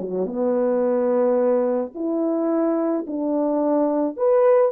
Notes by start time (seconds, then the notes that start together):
0.00 F#3
0.26 B3
1.94 E4
3.06 D4
4.16 B4